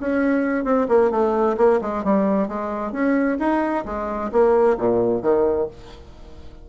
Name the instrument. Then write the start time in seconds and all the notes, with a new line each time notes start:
bassoon
0.00 C#4
0.64 C4
0.88 A#3
1.11 A3
1.57 A#3
1.81 G#3
2.04 G3
2.48 G#3
2.92 C#4
3.39 D#4
3.85 G#3
4.32 A#3
4.78 A#2
5.22 D#3